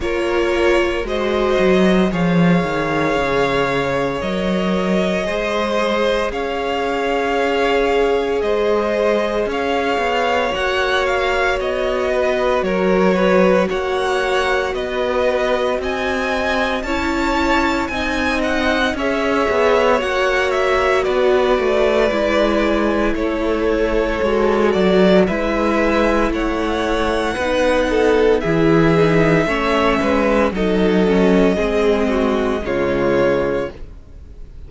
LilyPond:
<<
  \new Staff \with { instrumentName = "violin" } { \time 4/4 \tempo 4 = 57 cis''4 dis''4 f''2 | dis''2 f''2 | dis''4 f''4 fis''8 f''8 dis''4 | cis''4 fis''4 dis''4 gis''4 |
a''4 gis''8 fis''8 e''4 fis''8 e''8 | d''2 cis''4. d''8 | e''4 fis''2 e''4~ | e''4 dis''2 cis''4 | }
  \new Staff \with { instrumentName = "violin" } { \time 4/4 ais'4 c''4 cis''2~ | cis''4 c''4 cis''2 | c''4 cis''2~ cis''8 b'8 | ais'8 b'8 cis''4 b'4 dis''4 |
cis''4 dis''4 cis''2 | b'2 a'2 | b'4 cis''4 b'8 a'8 gis'4 | cis''8 b'8 a'4 gis'8 fis'8 f'4 | }
  \new Staff \with { instrumentName = "viola" } { \time 4/4 f'4 fis'4 gis'2 | ais'4 gis'2.~ | gis'2 fis'2~ | fis'1 |
e'4 dis'4 gis'4 fis'4~ | fis'4 e'2 fis'4 | e'2 dis'4 e'8 dis'8 | cis'4 dis'8 cis'8 c'4 gis4 | }
  \new Staff \with { instrumentName = "cello" } { \time 4/4 ais4 gis8 fis8 f8 dis8 cis4 | fis4 gis4 cis'2 | gis4 cis'8 b8 ais4 b4 | fis4 ais4 b4 c'4 |
cis'4 c'4 cis'8 b8 ais4 | b8 a8 gis4 a4 gis8 fis8 | gis4 a4 b4 e4 | a8 gis8 fis4 gis4 cis4 | }
>>